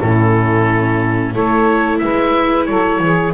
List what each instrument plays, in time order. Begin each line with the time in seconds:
0.00 double bass A2, viola C#4, saxophone E4, oboe A4
1.33 double bass A3, viola E4, saxophone A4, oboe C#5
1.98 double bass G#3, saxophone B4, oboe E5
2.66 double bass F#3, saxophone A4, oboe C#5
2.99 double bass E3, saxophone G#4